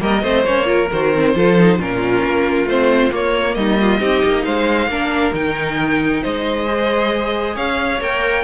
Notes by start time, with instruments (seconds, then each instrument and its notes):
0.00 cello G3, viola A#3, violin A#4 D#5
0.23 cello A3, viola C4, violin C5
0.44 cello A#3, viola C#4, violin C#5
0.65 viola F4, violin A#4
0.92 cello D#3, viola F#4, violin C5
1.14 viola C4
1.35 cello F3, viola F4, violin A4
1.58 viola D#4
1.79 cello A#2, viola C#4, violin F4 A#4
2.24 cello A#3
2.65 cello A3, viola C4, violin C5
3.11 viola A#3, cello A#3, violin C#5
3.55 cello G3, violin D#4 D#5
3.81 violin F4
4.00 cello C4, viola D#4, violin G4
4.25 cello A#3
4.45 cello G#3, violin C5 F5
4.87 cello A#3, viola D4, violin A#4
5.33 cello D#3, viola D#4, violin G5
6.22 cello G#3, violin C5 D#5
6.67 viola G#4
7.55 cello C#4, violin C#5 F5
8.01 cello A#3, viola A#4, violin G5